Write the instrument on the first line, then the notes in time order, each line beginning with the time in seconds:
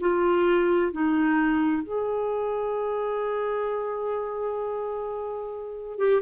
clarinet
0.00 F4
0.92 D#4
1.83 G#4
5.98 G4